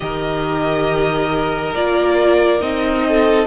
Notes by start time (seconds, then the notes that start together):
0.00 D#3 G4 A#4 D#5
1.74 A#3 F4 D5
2.60 C4 D#4 D#5
3.07 A4